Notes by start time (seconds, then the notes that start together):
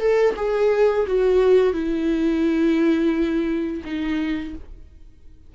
0.00 A4
0.37 G#4
1.07 F#4
1.73 E4
3.85 D#4